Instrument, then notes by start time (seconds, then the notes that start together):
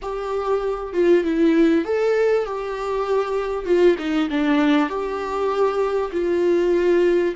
viola
0.01 G4
0.93 F4
1.24 E4
1.84 A4
2.45 G4
3.65 F4
3.98 D#4
4.30 D4
4.89 G4
6.12 F4